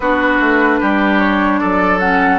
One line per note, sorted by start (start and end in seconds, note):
0.00 0.39 B3
0.00 2.01 D4
0.00 0.80 F#4
0.00 1.19 B4
0.39 0.79 A3
0.80 1.61 G3
0.80 1.60 G4
1.19 1.58 C#5
1.58 2.39 F#3
1.58 2.39 A4
1.58 1.98 D5
1.99 2.39 C#4
1.99 2.39 F#5